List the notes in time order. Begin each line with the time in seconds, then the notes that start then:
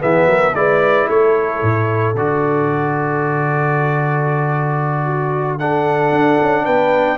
0.00 E3 B3 G#4 E5
0.26 F#3 A#4
0.54 G#3 E4 B4 D5
1.08 A3 A4 C#5
1.62 A2
2.15 D3 F#4 D5
5.06 F#4
5.59 D4 A4 F#5
6.12 D4
6.41 C#4
6.65 B3 B4 G5